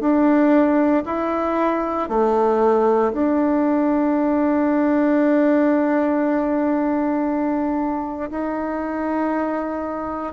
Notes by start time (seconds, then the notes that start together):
0.00 D4
1.05 E4
2.09 A3
3.13 D4
8.30 D#4